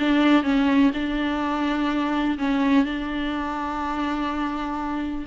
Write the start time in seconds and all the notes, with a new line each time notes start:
0.00 D4
0.44 C#4
0.94 D4
2.38 C#4
2.85 D4